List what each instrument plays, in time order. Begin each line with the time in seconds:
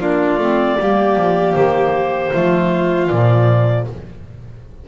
0.00 double bass A#3, clarinet D4 D5, violin F4
0.38 double bass A3, clarinet C4
0.79 double bass G3, clarinet A#3, violin G4
1.16 double bass F3
1.53 double bass D#3, clarinet C5
2.32 double bass F3, clarinet A3, violin F4
3.08 double bass A#2, clarinet F3 D5